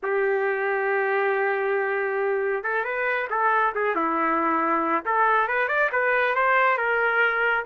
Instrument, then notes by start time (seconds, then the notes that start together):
trumpet
0.02 G4
2.63 A4
2.84 B4
3.30 A4
3.74 G#4
3.95 E4
5.05 A4
5.47 B4
5.68 D5
5.92 B4
6.35 C5
6.77 A#4